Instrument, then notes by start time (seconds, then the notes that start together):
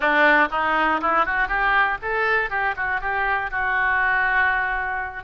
oboe
0.00 D4
0.50 D#4
1.01 E4
1.25 F#4
1.47 G4
2.02 A4
2.50 G4
2.76 F#4
3.00 G4
3.50 F#4